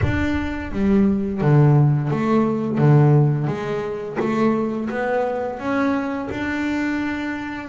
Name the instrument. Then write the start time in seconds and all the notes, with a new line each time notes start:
double bass
0.02 D4
0.71 G3
1.41 D3
2.10 A3
2.77 D3
3.47 G#3
4.19 A3
4.90 B3
5.59 C#4
6.30 D4